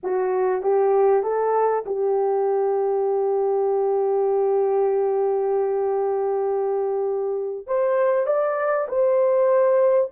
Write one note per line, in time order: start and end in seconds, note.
0.03 0.62 F#4
0.62 1.23 G4
1.23 1.84 A4
1.85 7.66 G4
7.66 8.26 C5
8.26 8.87 D5
8.88 10.10 C5